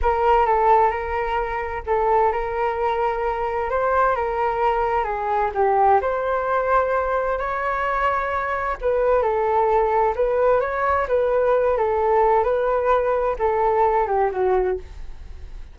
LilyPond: \new Staff \with { instrumentName = "flute" } { \time 4/4 \tempo 4 = 130 ais'4 a'4 ais'2 | a'4 ais'2. | c''4 ais'2 gis'4 | g'4 c''2. |
cis''2. b'4 | a'2 b'4 cis''4 | b'4. a'4. b'4~ | b'4 a'4. g'8 fis'4 | }